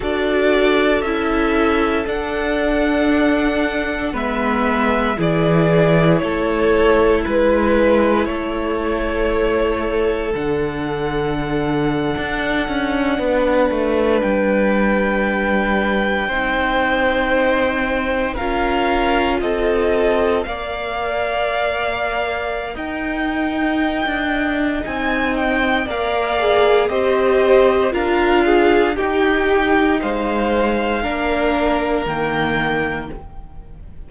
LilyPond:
<<
  \new Staff \with { instrumentName = "violin" } { \time 4/4 \tempo 4 = 58 d''4 e''4 fis''2 | e''4 d''4 cis''4 b'4 | cis''2 fis''2~ | fis''4.~ fis''16 g''2~ g''16~ |
g''4.~ g''16 f''4 dis''4 f''16~ | f''2 g''2 | gis''8 g''8 f''4 dis''4 f''4 | g''4 f''2 g''4 | }
  \new Staff \with { instrumentName = "violin" } { \time 4/4 a'1 | b'4 gis'4 a'4 b'4 | a'1~ | a'8. b'2. c''16~ |
c''4.~ c''16 ais'4 a'4 d''16~ | d''2 dis''2~ | dis''4 d''4 c''4 ais'8 gis'8 | g'4 c''4 ais'2 | }
  \new Staff \with { instrumentName = "viola" } { \time 4/4 fis'4 e'4 d'2 | b4 e'2.~ | e'2 d'2~ | d'2.~ d'8. dis'16~ |
dis'4.~ dis'16 f'2 ais'16~ | ais'1 | dis'4 ais'8 gis'8 g'4 f'4 | dis'2 d'4 ais4 | }
  \new Staff \with { instrumentName = "cello" } { \time 4/4 d'4 cis'4 d'2 | gis4 e4 a4 gis4 | a2 d4.~ d16 d'16~ | d'16 cis'8 b8 a8 g2 c'16~ |
c'4.~ c'16 cis'4 c'4 ais16~ | ais2 dis'4~ dis'16 d'8. | c'4 ais4 c'4 d'4 | dis'4 gis4 ais4 dis4 | }
>>